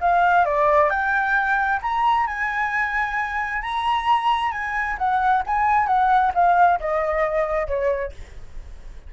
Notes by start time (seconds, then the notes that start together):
0.00 F5
0.45 D5
0.90 G5
1.82 A#5
2.27 G#5
3.62 A#5
4.51 G#5
4.98 F#5
5.46 G#5
5.86 F#5
6.34 F5
6.80 D#5
7.67 C#5